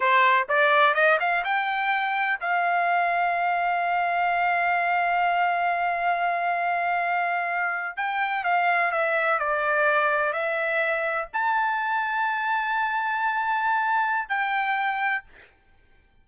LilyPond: \new Staff \with { instrumentName = "trumpet" } { \time 4/4 \tempo 4 = 126 c''4 d''4 dis''8 f''8 g''4~ | g''4 f''2.~ | f''1~ | f''1~ |
f''8. g''4 f''4 e''4 d''16~ | d''4.~ d''16 e''2 a''16~ | a''1~ | a''2 g''2 | }